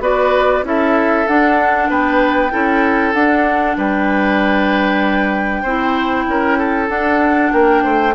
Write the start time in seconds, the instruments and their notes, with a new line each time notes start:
0.00 bassoon B3, clarinet F#4, oboe B4, flute D5
0.63 bassoon C#4, clarinet E4, oboe A4, flute E5
1.27 clarinet D4, bassoon D4, flute F#5
1.89 bassoon B3, oboe B4, flute G5
2.51 bassoon C#4, clarinet E4, oboe A4
3.13 bassoon D4, clarinet D4, flute F#5
3.77 bassoon G3, oboe B4, flute G5
5.62 bassoon C4, clarinet E4, oboe C5
6.28 bassoon C#4, oboe A#4
6.58 oboe A4
6.88 clarinet D4, bassoon D4, flute F#5
7.52 bassoon A#3, oboe A#4, flute G5
7.84 bassoon A3, oboe C5